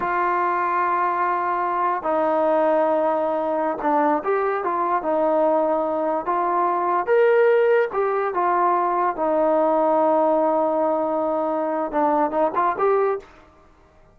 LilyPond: \new Staff \with { instrumentName = "trombone" } { \time 4/4 \tempo 4 = 146 f'1~ | f'4 dis'2.~ | dis'4~ dis'16 d'4 g'4 f'8.~ | f'16 dis'2. f'8.~ |
f'4~ f'16 ais'2 g'8.~ | g'16 f'2 dis'4.~ dis'16~ | dis'1~ | dis'4 d'4 dis'8 f'8 g'4 | }